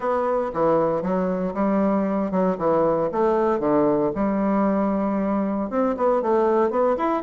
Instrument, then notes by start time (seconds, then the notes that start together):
bassoon
0.00 B3
0.53 E3
1.02 F#3
1.54 G3
2.31 F#3
2.57 E3
3.12 A3
3.59 D3
4.15 G3
5.69 C4
5.96 B3
6.22 A3
6.70 B3
6.97 E4